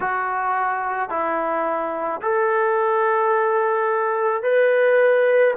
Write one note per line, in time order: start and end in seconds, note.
0.00 1.09 F#4
1.09 2.20 E4
2.21 4.42 A4
4.42 5.54 B4